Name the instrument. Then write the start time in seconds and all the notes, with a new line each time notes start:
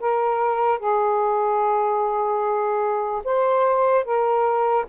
saxophone
0.00 A#4
0.79 G#4
3.24 C5
4.04 A#4